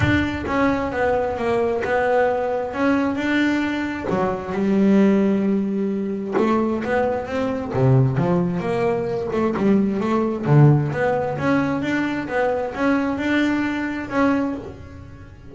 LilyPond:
\new Staff \with { instrumentName = "double bass" } { \time 4/4 \tempo 4 = 132 d'4 cis'4 b4 ais4 | b2 cis'4 d'4~ | d'4 fis4 g2~ | g2 a4 b4 |
c'4 c4 f4 ais4~ | ais8 a8 g4 a4 d4 | b4 cis'4 d'4 b4 | cis'4 d'2 cis'4 | }